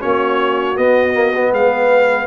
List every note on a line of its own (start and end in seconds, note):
0.00 0.77 A#3
0.00 0.76 C#4
0.00 1.53 F#4
0.00 0.78 C#5
0.76 1.14 B3
0.76 1.53 B3
0.76 1.53 D#5
1.14 1.33 A#3
1.36 2.28 B3
1.53 2.28 G#3
1.53 2.28 B4
1.53 2.28 F5